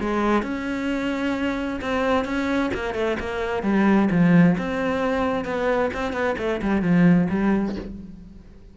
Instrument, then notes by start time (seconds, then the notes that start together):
cello
0.00 G#3
0.42 C#4
1.81 C4
2.25 C#4
2.74 A#3
2.94 A3
3.19 A#3
3.63 G3
4.11 F3
4.58 C4
5.45 B3
5.94 C4
6.13 B3
6.38 A3
6.62 G3
6.82 F3
7.30 G3